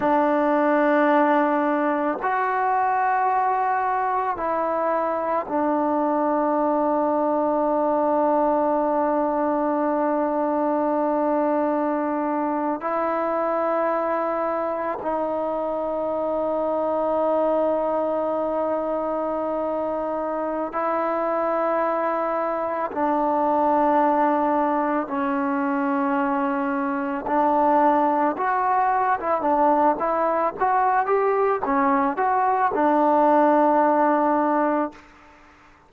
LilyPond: \new Staff \with { instrumentName = "trombone" } { \time 4/4 \tempo 4 = 55 d'2 fis'2 | e'4 d'2.~ | d'2.~ d'8. e'16~ | e'4.~ e'16 dis'2~ dis'16~ |
dis'2. e'4~ | e'4 d'2 cis'4~ | cis'4 d'4 fis'8. e'16 d'8 e'8 | fis'8 g'8 cis'8 fis'8 d'2 | }